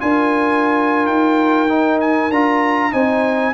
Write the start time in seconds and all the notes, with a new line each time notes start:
0.00 D4 F4 A#4 G#5
1.07 D#4 G5
1.69 D#4
2.01 G#5
2.31 D4 F4 A#5
2.92 C4 D#4 C5 G#5